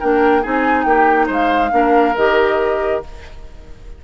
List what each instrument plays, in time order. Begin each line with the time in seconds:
0.00 bassoon A#3, clarinet D4, oboe A#4, flute G5
0.42 bassoon C4, clarinet D#4, oboe G#4, flute G#5
0.84 bassoon A#3, oboe G4, flute G5
1.27 bassoon G#3, oboe C5
1.33 flute F5
1.71 bassoon A#3, clarinet D4, oboe A#4
2.17 bassoon D#3, clarinet G4, flute D#5